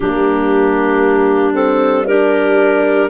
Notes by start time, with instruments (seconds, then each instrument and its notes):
0.00 tuba G3, horn A#3, clarinet D4 G4
1.53 horn C4, clarinet A4
2.06 horn D4, clarinet G4 A#4